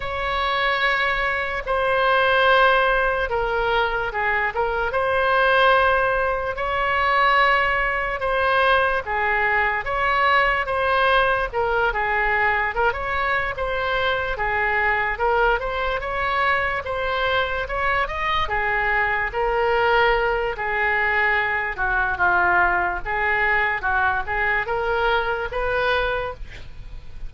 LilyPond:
\new Staff \with { instrumentName = "oboe" } { \time 4/4 \tempo 4 = 73 cis''2 c''2 | ais'4 gis'8 ais'8 c''2 | cis''2 c''4 gis'4 | cis''4 c''4 ais'8 gis'4 ais'16 cis''16~ |
cis''8 c''4 gis'4 ais'8 c''8 cis''8~ | cis''8 c''4 cis''8 dis''8 gis'4 ais'8~ | ais'4 gis'4. fis'8 f'4 | gis'4 fis'8 gis'8 ais'4 b'4 | }